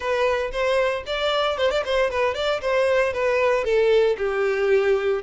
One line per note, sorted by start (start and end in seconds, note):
0.00 0.51 B4
0.51 1.03 C5
1.06 1.57 D5
1.57 1.70 C5
1.70 1.83 D5
1.85 2.10 C5
2.10 2.34 B4
2.34 2.60 D5
2.61 3.13 C5
3.13 3.64 B4
3.64 4.16 A4
4.17 5.22 G4